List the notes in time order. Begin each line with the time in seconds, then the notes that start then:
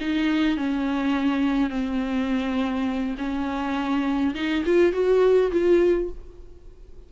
0.00 D#4
0.57 C#4
1.70 C4
3.17 C#4
4.35 D#4
4.65 F4
4.92 F#4
5.51 F4